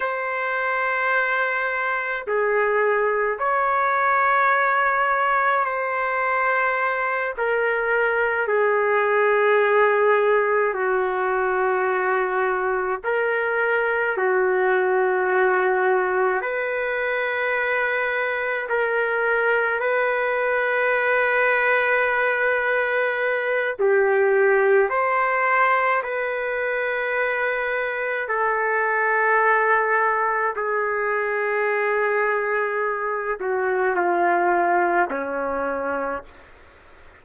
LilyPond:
\new Staff \with { instrumentName = "trumpet" } { \time 4/4 \tempo 4 = 53 c''2 gis'4 cis''4~ | cis''4 c''4. ais'4 gis'8~ | gis'4. fis'2 ais'8~ | ais'8 fis'2 b'4.~ |
b'8 ais'4 b'2~ b'8~ | b'4 g'4 c''4 b'4~ | b'4 a'2 gis'4~ | gis'4. fis'8 f'4 cis'4 | }